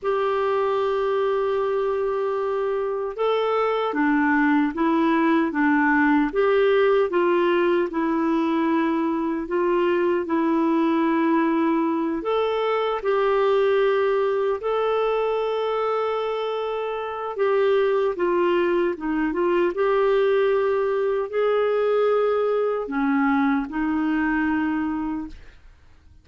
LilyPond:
\new Staff \with { instrumentName = "clarinet" } { \time 4/4 \tempo 4 = 76 g'1 | a'4 d'4 e'4 d'4 | g'4 f'4 e'2 | f'4 e'2~ e'8 a'8~ |
a'8 g'2 a'4.~ | a'2 g'4 f'4 | dis'8 f'8 g'2 gis'4~ | gis'4 cis'4 dis'2 | }